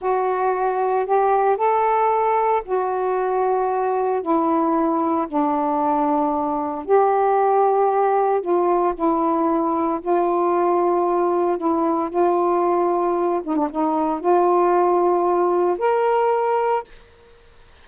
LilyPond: \new Staff \with { instrumentName = "saxophone" } { \time 4/4 \tempo 4 = 114 fis'2 g'4 a'4~ | a'4 fis'2. | e'2 d'2~ | d'4 g'2. |
f'4 e'2 f'4~ | f'2 e'4 f'4~ | f'4. dis'16 d'16 dis'4 f'4~ | f'2 ais'2 | }